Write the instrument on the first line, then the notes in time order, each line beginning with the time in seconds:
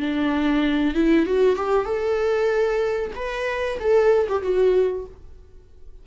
viola
0.00 D4
0.94 E4
1.26 F#4
1.56 G4
1.85 A4
3.15 B4
3.80 A4
4.29 G4
4.42 F#4